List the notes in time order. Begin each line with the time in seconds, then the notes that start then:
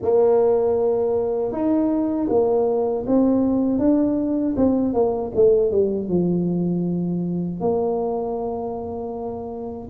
0.02 A#3
1.52 D#4
2.29 A#3
3.06 C4
3.78 D4
4.56 C4
4.93 A#3
5.35 A3
5.71 G3
6.08 F3
7.60 A#3